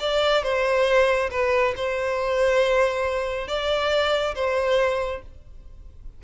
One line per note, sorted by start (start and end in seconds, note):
0.00 0.43 D5
0.43 1.30 C5
1.31 1.75 B4
1.76 3.48 C5
3.48 4.35 D5
4.35 5.22 C5